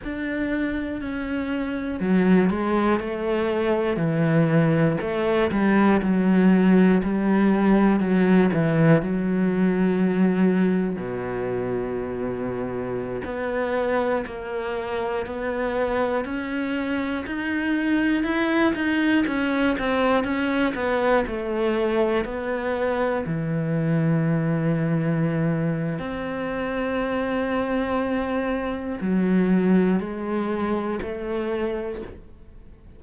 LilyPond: \new Staff \with { instrumentName = "cello" } { \time 4/4 \tempo 4 = 60 d'4 cis'4 fis8 gis8 a4 | e4 a8 g8 fis4 g4 | fis8 e8 fis2 b,4~ | b,4~ b,16 b4 ais4 b8.~ |
b16 cis'4 dis'4 e'8 dis'8 cis'8 c'16~ | c'16 cis'8 b8 a4 b4 e8.~ | e2 c'2~ | c'4 fis4 gis4 a4 | }